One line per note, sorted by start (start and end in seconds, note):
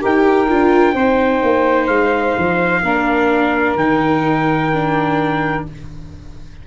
0.00 0.49 D#4
0.00 0.47 G4
0.00 0.93 A#4
0.00 1.87 G5
0.48 0.94 D4
0.48 0.95 F4
0.93 1.41 C4
0.93 2.84 D#4
0.93 2.81 C5
1.43 1.88 A#3
1.87 2.34 G#3
1.87 3.74 F5
2.37 2.82 F3
2.82 3.76 A#3
2.82 3.78 D4
2.82 5.66 A#4
3.76 5.63 D#3
3.76 4.72 D#4
3.76 5.64 G5
4.73 5.67 D4